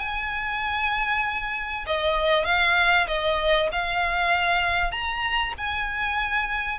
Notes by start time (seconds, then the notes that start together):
0.00 G#5
1.87 D#5
2.45 F5
3.08 D#5
3.73 F5
4.92 A#5
5.58 G#5